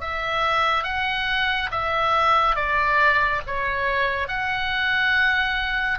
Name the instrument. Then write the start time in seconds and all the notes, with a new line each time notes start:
oboe
0.00 E5
0.83 F#5
1.71 E5
2.56 D5
3.47 C#5
4.28 F#5